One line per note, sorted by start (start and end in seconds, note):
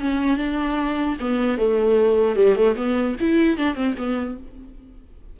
0.00 0.37 C#4
0.37 1.17 D4
1.20 1.58 B3
1.58 2.36 A3
2.36 2.55 G3
2.55 2.75 A3
2.76 3.16 B3
3.20 3.57 E4
3.57 3.75 D4
3.75 3.95 C4
3.97 4.37 B3